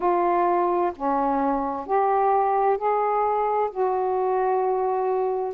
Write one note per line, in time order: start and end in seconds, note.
0.00 0.92 F4
0.95 1.86 C#4
1.86 2.77 G4
2.77 3.69 G#4
3.70 5.54 F#4